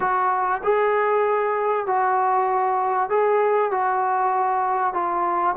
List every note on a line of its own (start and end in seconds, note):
0.00 0.61 F#4
0.63 1.86 G#4
1.86 3.09 F#4
3.09 3.71 G#4
3.71 4.93 F#4
4.93 5.55 F4